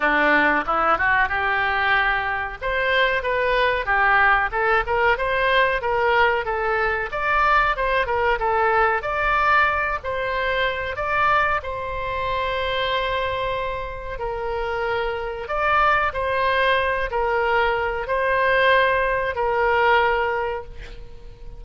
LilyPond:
\new Staff \with { instrumentName = "oboe" } { \time 4/4 \tempo 4 = 93 d'4 e'8 fis'8 g'2 | c''4 b'4 g'4 a'8 ais'8 | c''4 ais'4 a'4 d''4 | c''8 ais'8 a'4 d''4. c''8~ |
c''4 d''4 c''2~ | c''2 ais'2 | d''4 c''4. ais'4. | c''2 ais'2 | }